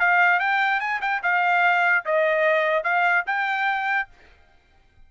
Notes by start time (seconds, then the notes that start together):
0.00 F5
0.40 G5
0.80 G#5
1.02 G5
1.23 F5
2.05 D#5
2.84 F5
3.27 G5